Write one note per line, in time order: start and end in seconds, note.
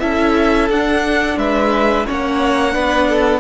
0.00 0.69 C#4
0.00 0.69 E4
0.00 1.38 A4
0.00 0.68 E5
0.69 1.37 D4
0.69 2.07 D4
0.69 1.38 F#5
1.37 2.05 G#3
1.37 2.06 B4
1.37 2.06 E5
2.06 2.76 A#3
2.06 2.72 C#4
2.06 2.74 C#5
2.06 3.40 F#5
2.72 3.40 B3
2.72 3.40 D4
2.72 3.08 B4
3.09 3.40 A4